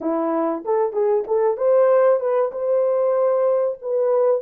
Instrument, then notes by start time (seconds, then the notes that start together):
horn
0.01 E4
0.64 A4
0.92 G#4
1.27 A4
1.57 C5
2.20 B4
2.51 C5
3.81 B4